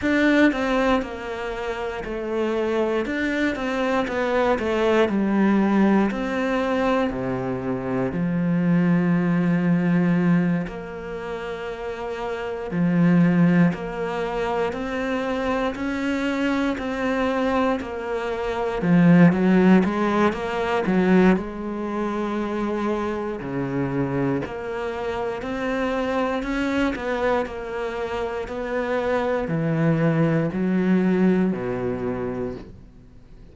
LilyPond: \new Staff \with { instrumentName = "cello" } { \time 4/4 \tempo 4 = 59 d'8 c'8 ais4 a4 d'8 c'8 | b8 a8 g4 c'4 c4 | f2~ f8 ais4.~ | ais8 f4 ais4 c'4 cis'8~ |
cis'8 c'4 ais4 f8 fis8 gis8 | ais8 fis8 gis2 cis4 | ais4 c'4 cis'8 b8 ais4 | b4 e4 fis4 b,4 | }